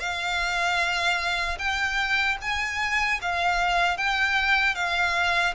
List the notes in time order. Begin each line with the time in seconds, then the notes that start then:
0.00 F5
1.59 G5
2.42 G#5
3.22 F5
3.98 G5
4.75 F5